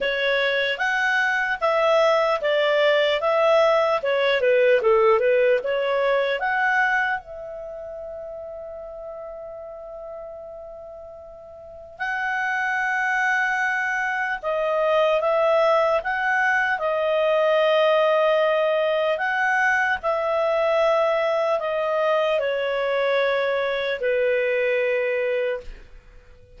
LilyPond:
\new Staff \with { instrumentName = "clarinet" } { \time 4/4 \tempo 4 = 75 cis''4 fis''4 e''4 d''4 | e''4 cis''8 b'8 a'8 b'8 cis''4 | fis''4 e''2.~ | e''2. fis''4~ |
fis''2 dis''4 e''4 | fis''4 dis''2. | fis''4 e''2 dis''4 | cis''2 b'2 | }